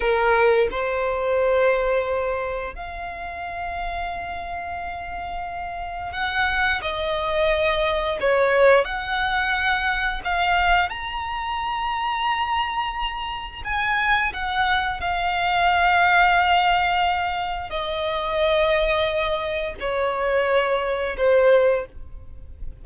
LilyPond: \new Staff \with { instrumentName = "violin" } { \time 4/4 \tempo 4 = 88 ais'4 c''2. | f''1~ | f''4 fis''4 dis''2 | cis''4 fis''2 f''4 |
ais''1 | gis''4 fis''4 f''2~ | f''2 dis''2~ | dis''4 cis''2 c''4 | }